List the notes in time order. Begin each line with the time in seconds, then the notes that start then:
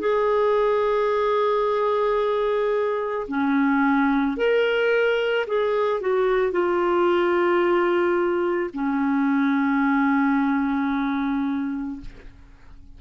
0.00 G#4
3.28 C#4
4.37 A#4
5.47 G#4
6.00 F#4
6.52 F4
8.74 C#4